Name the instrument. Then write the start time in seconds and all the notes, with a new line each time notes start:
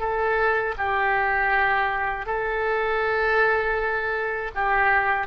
oboe
0.00 A4
0.78 G4
2.26 A4
4.55 G4